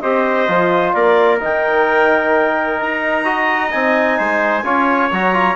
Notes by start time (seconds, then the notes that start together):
0.00 C4 G4 C5 D#5
0.48 F3 F4
0.92 A#3 A#4 D5
1.40 D#3 D#4 G5
2.80 D#4 A#5
3.24 F#4 D#5
3.71 C4 D#4 G#5
4.18 G#3 C5
4.63 C#4 F4 C#5
5.11 F#3 F#4 A#5
5.33 F4